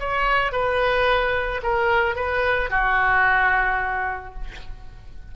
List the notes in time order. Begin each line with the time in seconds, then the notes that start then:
0.00 C#5
0.53 B4
1.63 A#4
2.16 B4
2.71 F#4